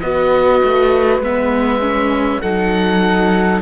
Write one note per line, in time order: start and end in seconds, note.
0.00 0.62 B3
0.00 1.22 F#4
0.00 2.42 B4
0.00 1.20 D#5
0.63 1.18 A3
1.18 2.38 G#3
1.18 1.80 B3
1.18 2.41 E5
1.80 2.40 C#4
2.41 3.62 F#3
2.41 3.62 D#4
2.41 3.62 A4
2.41 3.61 F#5